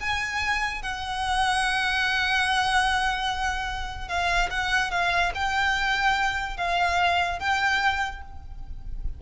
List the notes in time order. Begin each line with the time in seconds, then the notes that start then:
0.00 G#5
0.82 F#5
4.08 F5
4.50 F#5
4.91 F5
5.34 G5
6.57 F5
7.39 G5